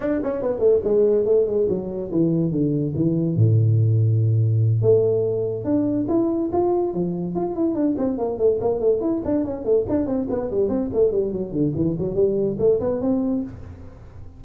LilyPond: \new Staff \with { instrumentName = "tuba" } { \time 4/4 \tempo 4 = 143 d'8 cis'8 b8 a8 gis4 a8 gis8 | fis4 e4 d4 e4 | a,2.~ a,8 a8~ | a4. d'4 e'4 f'8~ |
f'8 f4 f'8 e'8 d'8 c'8 ais8 | a8 ais8 a8 e'8 d'8 cis'8 a8 d'8 | c'8 b8 g8 c'8 a8 g8 fis8 d8 | e8 fis8 g4 a8 b8 c'4 | }